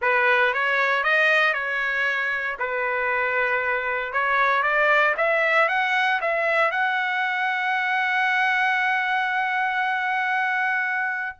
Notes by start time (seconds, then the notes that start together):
0.01 B4
0.53 C#5
1.03 D#5
1.53 C#5
2.59 B4
4.12 C#5
4.62 D5
5.17 E5
5.68 F#5
6.21 E5
6.71 F#5